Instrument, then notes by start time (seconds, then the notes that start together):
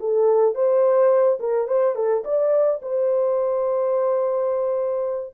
horn
0.00 A4
0.55 C5
1.40 A#4
1.68 C5
1.95 A4
2.25 D5
2.82 C5